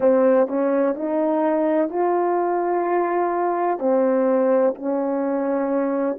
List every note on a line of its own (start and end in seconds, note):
0.00 0.47 C4
0.47 0.95 C#4
0.95 1.89 D#4
1.89 3.78 F4
3.78 4.74 C4
4.74 6.17 C#4